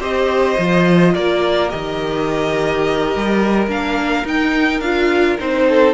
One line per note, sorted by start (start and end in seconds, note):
0.00 0.57 C4
0.00 0.57 G4
0.00 1.14 C5
0.00 1.15 D#5
0.58 1.15 F3
0.58 1.69 F4
1.15 1.73 A#3
1.15 5.67 A#4
1.15 1.70 D5
1.69 3.15 D#3
1.69 3.67 G4
1.69 3.68 D#5
3.16 3.68 G3
3.68 4.24 A#3
3.68 4.25 D4
3.68 4.28 F5
4.25 4.80 D#4
4.25 4.83 D#4
4.25 4.81 G5
4.80 5.37 D4
4.80 5.39 F4
4.80 5.37 F5
5.39 5.94 C4
5.39 5.94 D#4
5.39 5.94 C5
5.69 5.94 A4